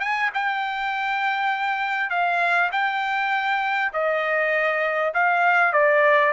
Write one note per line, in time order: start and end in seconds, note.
0.00 0.30 G#5
0.34 2.10 G5
2.10 2.70 F5
2.72 3.92 G5
3.93 5.13 D#5
5.14 5.73 F5
5.73 6.32 D5